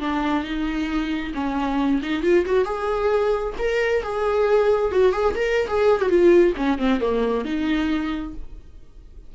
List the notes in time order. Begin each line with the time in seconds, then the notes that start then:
0.00 D4
0.44 D#4
1.35 C#4
2.02 D#4
2.23 F4
2.46 F#4
2.65 G#4
3.59 A#4
4.03 G#4
4.92 F#4
5.12 G#4
5.35 A#4
5.68 G#4
6.01 F#4
6.09 F4
6.57 C#4
6.79 C4
7.00 A#3
7.45 D#4